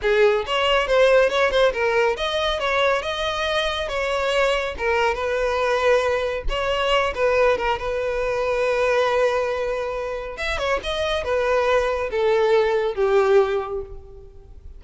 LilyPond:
\new Staff \with { instrumentName = "violin" } { \time 4/4 \tempo 4 = 139 gis'4 cis''4 c''4 cis''8 c''8 | ais'4 dis''4 cis''4 dis''4~ | dis''4 cis''2 ais'4 | b'2. cis''4~ |
cis''8 b'4 ais'8 b'2~ | b'1 | e''8 cis''8 dis''4 b'2 | a'2 g'2 | }